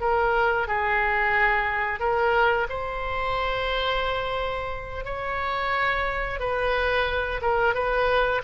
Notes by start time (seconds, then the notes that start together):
0.00 A#4
0.67 G#4
1.99 A#4
2.69 C5
5.04 C#5
6.39 B4
7.42 A#4
7.74 B4